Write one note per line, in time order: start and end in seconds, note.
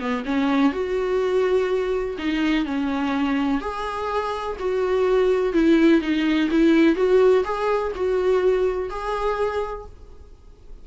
0.00 0.24 B3
0.25 0.73 C#4
0.73 2.17 F#4
2.18 2.66 D#4
2.66 3.61 C#4
3.61 4.57 G#4
4.59 5.53 F#4
5.53 6.01 E4
6.02 6.50 D#4
6.51 6.96 E4
6.96 7.44 F#4
7.44 7.92 G#4
7.95 8.90 F#4
8.90 9.86 G#4